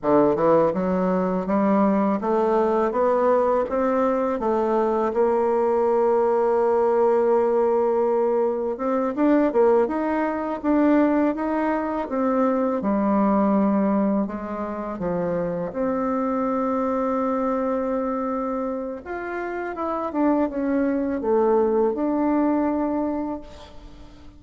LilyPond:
\new Staff \with { instrumentName = "bassoon" } { \time 4/4 \tempo 4 = 82 d8 e8 fis4 g4 a4 | b4 c'4 a4 ais4~ | ais1 | c'8 d'8 ais8 dis'4 d'4 dis'8~ |
dis'8 c'4 g2 gis8~ | gis8 f4 c'2~ c'8~ | c'2 f'4 e'8 d'8 | cis'4 a4 d'2 | }